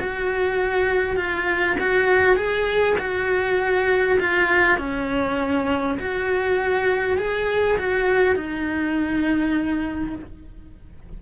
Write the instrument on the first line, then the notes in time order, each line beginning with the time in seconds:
cello
0.00 F#4
1.16 F4
1.80 F#4
2.36 G#4
2.98 F#4
4.20 F4
4.78 C#4
5.99 F#4
7.17 G#4
7.78 F#4
8.36 D#4